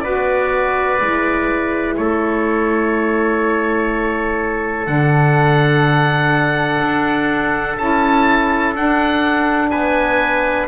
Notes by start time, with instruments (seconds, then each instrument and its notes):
0.00 double bass B3, saxophone F#4, trumpet B4, oboe D5
0.99 double bass G#3, saxophone E4
1.96 double bass A3, trumpet A4, oboe C#5
4.84 double bass D3, saxophone D4, oboe F#5
6.81 double bass D4
7.77 double bass C#4, saxophone E4, oboe A5
8.74 double bass D4, saxophone D4, oboe F#5
9.70 double bass B3, trumpet B4, oboe G#5